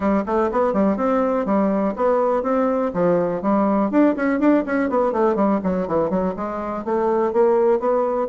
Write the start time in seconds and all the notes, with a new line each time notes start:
0.00 G3
0.26 A3
0.51 B3
0.73 G3
0.96 C4
1.45 G3
1.96 B3
2.43 C4
2.93 F3
3.41 G3
3.90 D4
4.16 C#4
4.39 D4
4.65 C#4
4.89 B3
5.12 A3
5.35 G3
5.63 F#3
5.87 E3
6.10 F#3
6.36 G#3
6.84 A3
7.32 A#3
7.79 B3